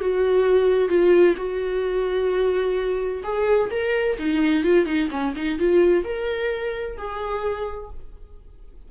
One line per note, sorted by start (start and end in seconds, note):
0.00 0.88 F#4
0.88 1.35 F4
1.37 3.23 F#4
3.23 3.70 G#4
3.71 4.17 A#4
4.18 4.63 D#4
4.63 4.86 F4
4.86 5.09 D#4
5.11 5.34 C#4
5.36 5.59 D#4
5.59 6.04 F4
6.04 6.97 A#4
6.97 7.90 G#4